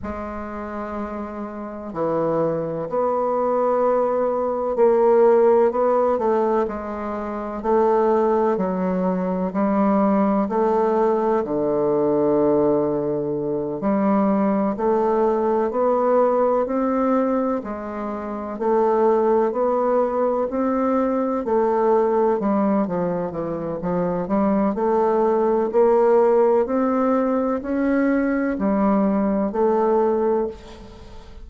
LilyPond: \new Staff \with { instrumentName = "bassoon" } { \time 4/4 \tempo 4 = 63 gis2 e4 b4~ | b4 ais4 b8 a8 gis4 | a4 fis4 g4 a4 | d2~ d8 g4 a8~ |
a8 b4 c'4 gis4 a8~ | a8 b4 c'4 a4 g8 | f8 e8 f8 g8 a4 ais4 | c'4 cis'4 g4 a4 | }